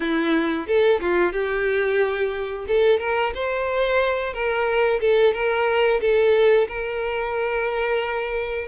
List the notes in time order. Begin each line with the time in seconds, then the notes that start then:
0.00 E4
0.67 A4
1.00 F4
1.32 G4
2.67 A4
2.99 A#4
3.34 C5
4.33 A#4
5.00 A4
5.33 A#4
6.00 A4
6.68 A#4